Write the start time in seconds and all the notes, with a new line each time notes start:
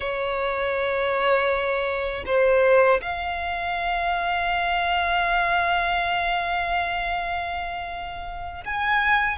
0.00 C#5
2.25 C5
3.01 F5
8.65 G#5